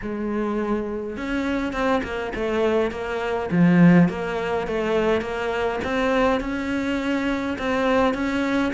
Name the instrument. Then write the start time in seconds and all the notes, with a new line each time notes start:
cello
0.02 G#3
1.17 C#4
1.72 C4
2.03 A#3
2.35 A3
2.91 A#3
3.51 F3
4.09 A#3
4.67 A3
5.21 A#3
5.84 C4
6.40 C#4
7.58 C4
8.14 C#4